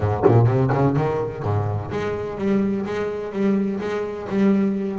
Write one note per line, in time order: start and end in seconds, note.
0.00 0.24 G#2
0.26 0.46 A#2
0.46 0.70 C3
0.72 0.96 C#3
0.96 1.43 D#3
1.43 1.90 G#2
1.91 2.37 G#3
2.37 2.85 G3
2.85 3.32 G#3
3.32 3.79 G3
3.80 4.28 G#3
4.29 4.98 G3